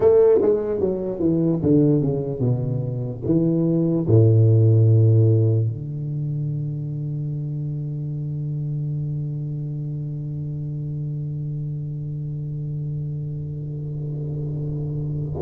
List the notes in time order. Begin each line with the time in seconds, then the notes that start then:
0.00 A3
0.41 G#3
0.80 F#3
1.19 E3
1.62 D3
2.01 C#3
2.40 B2
3.25 E3
4.06 A2
5.67 D3